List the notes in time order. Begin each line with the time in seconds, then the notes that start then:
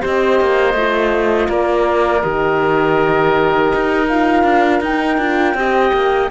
0.00 C4 G4 C5 D#5
0.41 A#3
0.74 A3 F4
1.49 A#3 A#4 D5
2.22 D#3 G4 D#5
3.75 D#4
4.08 F4 F5
4.44 D4
4.81 D#4 G5
5.18 D4 F4
5.54 C4 G4 D#5
5.94 A#3